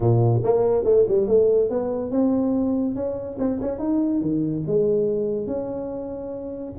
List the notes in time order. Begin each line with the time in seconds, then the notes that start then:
0.00 A#2
0.43 A#3
0.84 A3
1.08 G3
1.27 A3
1.69 B3
2.10 C4
2.95 C#4
3.38 C4
3.61 C#4
3.78 D#4
4.21 D#3
4.67 G#3
5.46 C#4